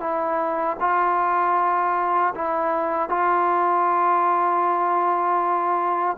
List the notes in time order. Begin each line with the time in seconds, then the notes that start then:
0.00 E4
0.80 F4
2.35 E4
3.09 F4